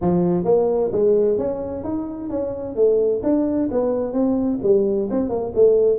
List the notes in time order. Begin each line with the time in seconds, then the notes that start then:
0.01 F3
0.44 A#3
0.91 G#3
1.37 C#4
1.84 D#4
2.29 C#4
2.75 A3
3.23 D4
3.71 B3
4.13 C4
4.63 G3
5.10 C4
5.29 A#3
5.54 A3